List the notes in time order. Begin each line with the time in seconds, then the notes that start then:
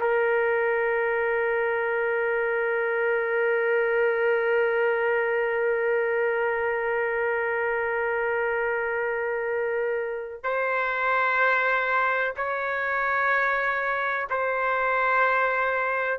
0.00 A#4
10.44 C5
12.37 C#5
14.30 C5